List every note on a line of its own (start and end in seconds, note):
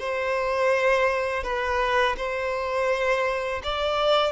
0.00 1.44 C5
1.44 2.16 B4
2.18 3.62 C5
3.64 4.33 D5